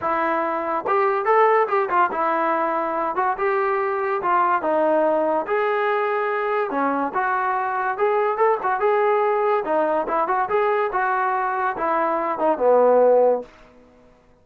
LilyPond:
\new Staff \with { instrumentName = "trombone" } { \time 4/4 \tempo 4 = 143 e'2 g'4 a'4 | g'8 f'8 e'2~ e'8 fis'8 | g'2 f'4 dis'4~ | dis'4 gis'2. |
cis'4 fis'2 gis'4 | a'8 fis'8 gis'2 dis'4 | e'8 fis'8 gis'4 fis'2 | e'4. dis'8 b2 | }